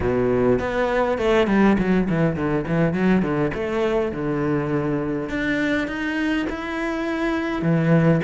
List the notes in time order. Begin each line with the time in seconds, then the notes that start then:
0.00 B2
0.59 B3
1.17 A3
1.47 G3
1.78 F#3
2.09 E3
2.35 D3
2.67 E3
2.93 F#3
3.22 D3
3.53 A3
4.12 D3
5.29 D4
5.87 D#4
6.49 E4
7.62 E3